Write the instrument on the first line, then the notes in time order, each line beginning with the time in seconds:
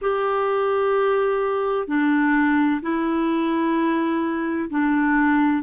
clarinet
0.01 G4
1.87 D4
2.82 E4
4.70 D4